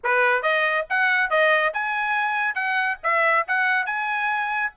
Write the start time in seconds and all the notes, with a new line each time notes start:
0.03 B4
0.42 D#5
0.89 F#5
1.30 D#5
1.73 G#5
2.54 F#5
3.03 E5
3.47 F#5
3.85 G#5